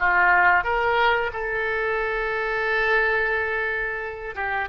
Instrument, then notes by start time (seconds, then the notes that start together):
oboe
0.00 F4
0.64 A#4
1.33 A4
4.35 G4